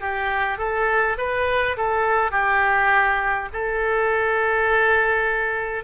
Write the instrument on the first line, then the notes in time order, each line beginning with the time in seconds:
oboe
0.00 G4
0.58 A4
1.17 B4
1.76 A4
2.31 G4
3.52 A4